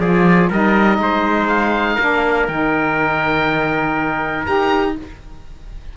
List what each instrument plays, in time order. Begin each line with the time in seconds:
0.00 cello F3, saxophone F4, trumpet G#4, oboe D5
0.49 cello G3, saxophone D#4, trumpet A#4, oboe D#5
0.99 cello G#3, trumpet C5
1.48 oboe F5
1.95 cello A#3, saxophone D4, trumpet A#4
2.48 cello D#3, saxophone D#4, oboe G5
4.46 cello D#4, saxophone G4, oboe A#5